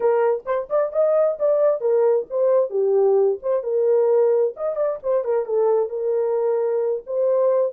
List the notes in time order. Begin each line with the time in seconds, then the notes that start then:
0.00 A#4
0.45 C5
0.69 D5
0.92 D#5
1.39 D5
1.80 A#4
2.30 C5
2.70 G4
3.42 C5
3.63 A#4
4.56 D#5
4.76 D5
5.02 C5
5.24 A#4
5.45 A4
5.89 A#4
7.06 C5